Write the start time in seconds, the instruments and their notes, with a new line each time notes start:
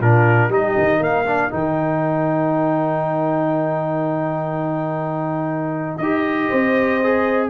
0.00 tuba A#2, trombone D4, horn F4, trumpet A#4
0.48 tuba G3, trombone D#4, horn G4, trumpet D#5
0.77 tuba D#3
0.99 tuba A#3, horn A#4, trumpet F5
1.25 trombone D4
1.49 tuba D#3, trombone D#4, trumpet G5
5.97 tuba D#4, trombone G4, trumpet D#5
6.48 tuba C4, horn C5
7.03 trombone G#4